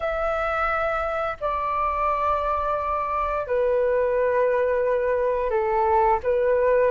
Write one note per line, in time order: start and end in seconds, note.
0.00 1.37 E5
1.40 3.46 D5
3.46 5.50 B4
5.50 6.19 A4
6.23 6.91 B4